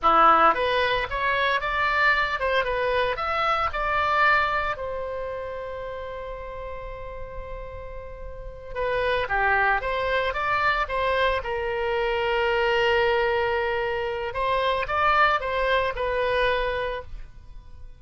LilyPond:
\new Staff \with { instrumentName = "oboe" } { \time 4/4 \tempo 4 = 113 e'4 b'4 cis''4 d''4~ | d''8 c''8 b'4 e''4 d''4~ | d''4 c''2.~ | c''1~ |
c''8 b'4 g'4 c''4 d''8~ | d''8 c''4 ais'2~ ais'8~ | ais'2. c''4 | d''4 c''4 b'2 | }